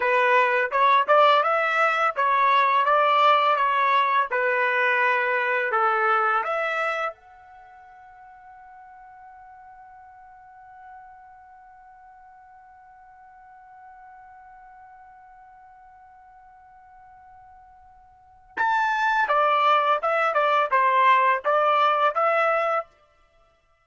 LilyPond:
\new Staff \with { instrumentName = "trumpet" } { \time 4/4 \tempo 4 = 84 b'4 cis''8 d''8 e''4 cis''4 | d''4 cis''4 b'2 | a'4 e''4 fis''2~ | fis''1~ |
fis''1~ | fis''1~ | fis''2 a''4 d''4 | e''8 d''8 c''4 d''4 e''4 | }